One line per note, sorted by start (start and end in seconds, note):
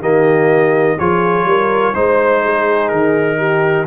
0.00 0.97 D#3
0.00 0.98 A#3
0.00 0.98 G4
0.00 0.99 D#5
0.99 1.45 F3
0.99 1.95 F4
0.99 1.48 G#4
0.99 1.95 C#5
1.45 1.93 G3
1.45 1.94 A#4
1.94 2.92 G#3
1.94 3.87 D#4
1.94 2.43 C5
1.94 2.89 C5
2.44 3.38 G#4
2.89 3.87 D#3
2.89 3.85 A#4
3.38 3.86 G4